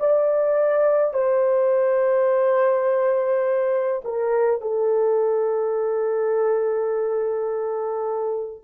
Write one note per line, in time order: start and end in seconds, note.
0.00 1.14 D5
1.14 4.03 C5
4.05 4.62 A#4
4.62 8.64 A4